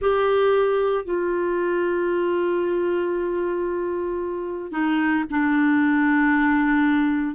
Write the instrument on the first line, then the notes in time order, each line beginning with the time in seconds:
clarinet
0.01 G4
1.04 F4
4.71 D#4
5.30 D4